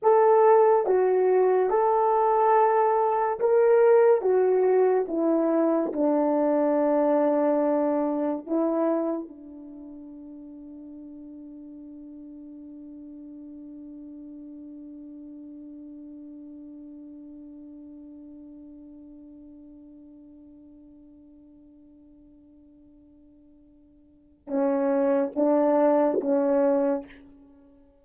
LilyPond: \new Staff \with { instrumentName = "horn" } { \time 4/4 \tempo 4 = 71 a'4 fis'4 a'2 | ais'4 fis'4 e'4 d'4~ | d'2 e'4 d'4~ | d'1~ |
d'1~ | d'1~ | d'1~ | d'4 cis'4 d'4 cis'4 | }